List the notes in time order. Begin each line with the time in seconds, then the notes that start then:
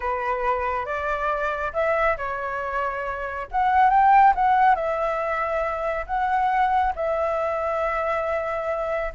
0.00 B4
0.85 D5
1.73 E5
2.17 C#5
3.51 F#5
3.90 G5
4.35 F#5
4.75 E5
6.06 F#5
6.95 E5